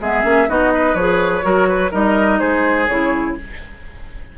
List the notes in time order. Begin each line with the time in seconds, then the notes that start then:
0.00 G#3 B3 G#4 E5
0.23 A#3 C#4
0.48 B3 D#4 F#4 D#5
0.73 B4
0.94 F3 G#4 C#5
1.41 F#3 F#4 A#4
1.68 B4
1.91 G3 D#4 A#4 D#5
2.39 G#3 G#4 C5
2.87 C#3 E4 C#5